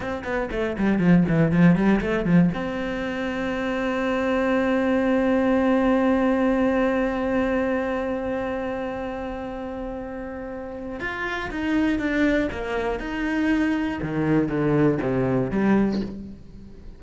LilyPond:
\new Staff \with { instrumentName = "cello" } { \time 4/4 \tempo 4 = 120 c'8 b8 a8 g8 f8 e8 f8 g8 | a8 f8 c'2.~ | c'1~ | c'1~ |
c'1~ | c'2 f'4 dis'4 | d'4 ais4 dis'2 | dis4 d4 c4 g4 | }